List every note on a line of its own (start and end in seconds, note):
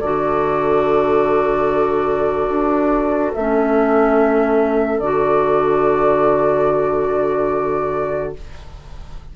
0.00 2.49 D3
0.00 3.37 F#4
0.00 8.34 A4
0.00 3.33 D5
2.49 3.32 D4
3.35 5.00 A3
3.35 5.03 C#4
3.35 5.00 E5
5.00 8.34 D3
5.00 8.36 F#4
5.00 8.33 D5